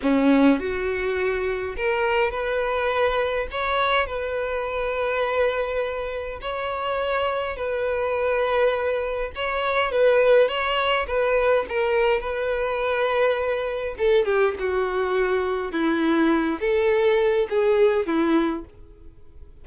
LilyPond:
\new Staff \with { instrumentName = "violin" } { \time 4/4 \tempo 4 = 103 cis'4 fis'2 ais'4 | b'2 cis''4 b'4~ | b'2. cis''4~ | cis''4 b'2. |
cis''4 b'4 cis''4 b'4 | ais'4 b'2. | a'8 g'8 fis'2 e'4~ | e'8 a'4. gis'4 e'4 | }